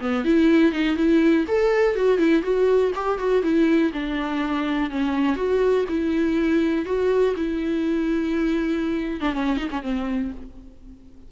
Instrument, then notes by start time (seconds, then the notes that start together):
viola
0.00 B3
0.25 E4
0.72 D#4
0.96 E4
1.48 A4
1.95 F#4
2.18 E4
2.43 F#4
2.95 G4
3.19 F#4
3.43 E4
3.93 D4
4.90 C#4
5.36 F#4
5.89 E4
6.85 F#4
7.36 E4
9.21 D4
9.33 C#4
9.57 D#4
9.71 C#4
9.82 C4